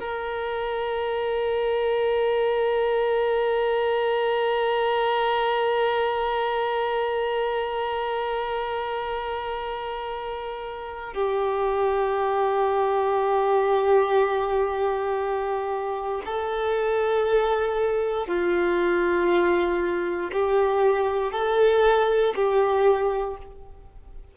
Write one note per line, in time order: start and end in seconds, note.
0.00 11.14 A#4
11.14 16.22 G4
16.26 18.28 A4
18.28 20.31 F4
20.33 21.33 G4
21.33 22.35 A4
22.36 23.38 G4